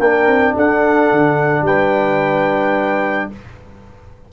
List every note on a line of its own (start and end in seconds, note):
0.00 0.27 A#3
0.00 3.33 D4
0.00 0.56 A#4
0.00 0.55 G5
0.27 0.55 C4
0.56 1.12 D4
0.56 1.65 A4
0.56 1.67 F#5
1.12 1.62 D3
1.62 3.27 G3
1.62 3.31 B4
1.62 3.32 G5